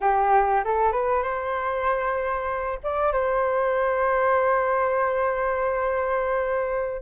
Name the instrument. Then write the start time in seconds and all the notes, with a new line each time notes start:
flute
0.01 G4
0.64 A4
0.92 B4
1.22 C5
2.83 D5
3.12 C5